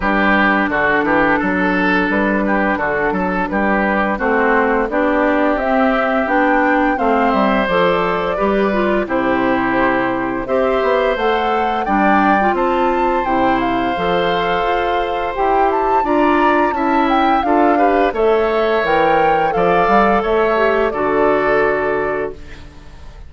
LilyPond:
<<
  \new Staff \with { instrumentName = "flute" } { \time 4/4 \tempo 4 = 86 b'4 a'2 b'4 | a'4 b'4 c''4 d''4 | e''4 g''4 f''8 e''8 d''4~ | d''4 c''2 e''4 |
fis''4 g''4 a''4 g''8 f''8~ | f''2 g''8 a''8 ais''4 | a''8 g''8 f''4 e''4 g''4 | f''4 e''4 d''2 | }
  \new Staff \with { instrumentName = "oboe" } { \time 4/4 g'4 fis'8 g'8 a'4. g'8 | fis'8 a'8 g'4 fis'4 g'4~ | g'2 c''2 | b'4 g'2 c''4~ |
c''4 d''4 c''2~ | c''2. d''4 | e''4 a'8 b'8 cis''2 | d''4 cis''4 a'2 | }
  \new Staff \with { instrumentName = "clarinet" } { \time 4/4 d'1~ | d'2 c'4 d'4 | c'4 d'4 c'4 a'4 | g'8 f'8 e'2 g'4 |
a'4 d'8. f'4~ f'16 e'4 | a'2 g'4 f'4 | e'4 f'8 g'8 a'4 ais'4 | a'4. g'8 fis'2 | }
  \new Staff \with { instrumentName = "bassoon" } { \time 4/4 g4 d8 e8 fis4 g4 | d8 fis8 g4 a4 b4 | c'4 b4 a8 g8 f4 | g4 c2 c'8 b8 |
a4 g4 c'4 c4 | f4 f'4 e'4 d'4 | cis'4 d'4 a4 e4 | f8 g8 a4 d2 | }
>>